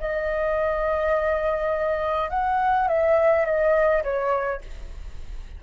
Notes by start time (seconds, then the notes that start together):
0.00 D#5
2.30 F#5
2.88 E5
3.45 D#5
4.04 C#5